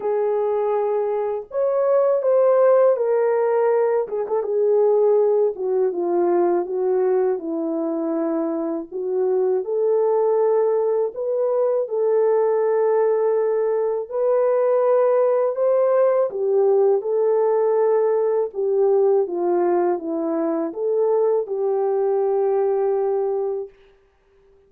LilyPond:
\new Staff \with { instrumentName = "horn" } { \time 4/4 \tempo 4 = 81 gis'2 cis''4 c''4 | ais'4. gis'16 a'16 gis'4. fis'8 | f'4 fis'4 e'2 | fis'4 a'2 b'4 |
a'2. b'4~ | b'4 c''4 g'4 a'4~ | a'4 g'4 f'4 e'4 | a'4 g'2. | }